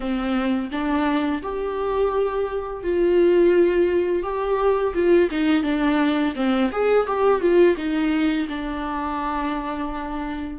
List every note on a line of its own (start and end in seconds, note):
0.00 0.69 C4
0.71 1.41 D4
1.42 2.83 G4
2.83 4.23 F4
4.23 4.93 G4
4.94 5.29 F4
5.30 5.63 D#4
5.63 6.33 D4
6.35 6.71 C4
6.72 7.07 G#4
7.07 7.41 G4
7.41 7.76 F4
7.76 8.47 D#4
8.49 10.59 D4